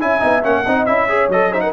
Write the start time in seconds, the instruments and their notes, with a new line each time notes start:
0.00 tuba C#4, trombone E4, horn E5, trumpet G#5
0.20 tuba B3, trombone D#4
0.42 tuba A#3, trombone C#4, trumpet F#5
0.64 tuba C4, trombone D#4, horn D#5
0.85 tuba C#4, trombone E4, trumpet E5
1.09 trombone G#4, horn C#5
1.28 tuba F#3, trombone A4, trumpet D#5
1.51 trombone D#4, horn C5, trumpet E5
1.61 horn A#4, trumpet F#5